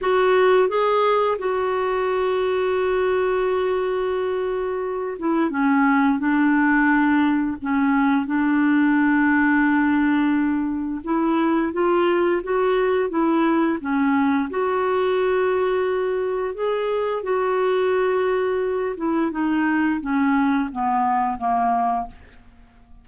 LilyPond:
\new Staff \with { instrumentName = "clarinet" } { \time 4/4 \tempo 4 = 87 fis'4 gis'4 fis'2~ | fis'2.~ fis'8 e'8 | cis'4 d'2 cis'4 | d'1 |
e'4 f'4 fis'4 e'4 | cis'4 fis'2. | gis'4 fis'2~ fis'8 e'8 | dis'4 cis'4 b4 ais4 | }